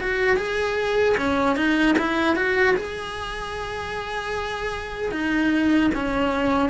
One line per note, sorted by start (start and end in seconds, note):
0.00 0.36 F#4
0.36 1.15 G#4
1.17 1.56 C#4
1.56 1.96 D#4
1.98 2.36 E4
2.36 2.75 F#4
2.76 5.11 G#4
5.11 5.90 D#4
5.95 6.69 C#4